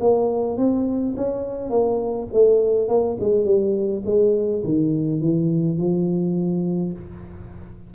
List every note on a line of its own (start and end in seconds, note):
0.00 0.57 A#3
0.57 1.15 C4
1.16 1.70 C#4
1.70 2.28 A#3
2.33 2.88 A3
2.88 3.17 A#3
3.20 3.45 G#3
3.45 4.03 G3
4.05 4.63 G#3
4.64 5.21 D#3
5.21 5.77 E3
5.77 6.93 F3